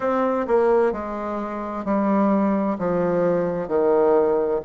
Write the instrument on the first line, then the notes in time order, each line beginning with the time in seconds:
bassoon
0.00 C4
0.47 A#3
0.92 G#3
1.85 G3
2.78 F3
3.68 D#3